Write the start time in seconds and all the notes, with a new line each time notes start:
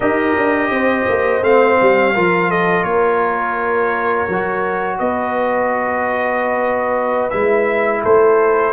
0.00 D#4 G4 A#4 D#5
0.34 D4
0.70 C4 C5
1.08 A#3
1.42 A3 C4 F5
1.81 G3
2.14 F3 F4 A#4
2.49 A4 D#5
2.83 A#3 A#4 C#5
4.28 F#3 F#4
4.98 B3 B4 D#5
7.30 G#3 E4 E5
8.02 A3 A4 C5